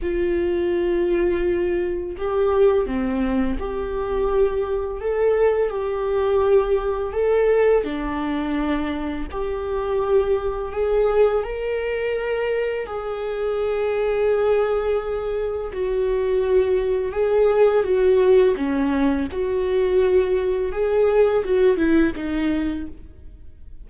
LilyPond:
\new Staff \with { instrumentName = "viola" } { \time 4/4 \tempo 4 = 84 f'2. g'4 | c'4 g'2 a'4 | g'2 a'4 d'4~ | d'4 g'2 gis'4 |
ais'2 gis'2~ | gis'2 fis'2 | gis'4 fis'4 cis'4 fis'4~ | fis'4 gis'4 fis'8 e'8 dis'4 | }